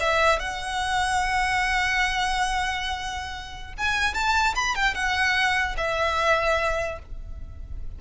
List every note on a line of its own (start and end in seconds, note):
0.00 0.39 E5
0.39 3.74 F#5
3.78 4.14 G#5
4.14 4.55 A5
4.55 4.75 B5
4.75 4.95 G5
4.95 5.76 F#5
5.77 6.99 E5